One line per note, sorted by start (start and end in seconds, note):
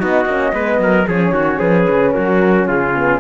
0.00 0.26 B3
0.00 0.27 D#4
0.00 0.54 F#4
0.00 1.07 D#5
0.26 0.52 A#3
0.26 0.54 C#4
0.53 0.79 G#3
0.53 1.08 B3
0.53 0.81 B4
0.79 1.06 F#3
0.79 1.08 A#4
1.08 1.32 F3
1.08 2.95 C#4
1.08 1.33 G#4
1.08 1.60 C#5
1.32 1.59 D#3
1.32 1.59 F#4
1.59 1.87 F3
1.59 2.12 G#4
1.59 2.12 B4
1.89 2.16 C#3
2.12 2.69 F#3
2.12 2.68 F#4
2.12 2.66 A#4
2.68 3.20 C#3
2.68 3.20 F4
2.68 3.20 G#4
2.95 3.20 B3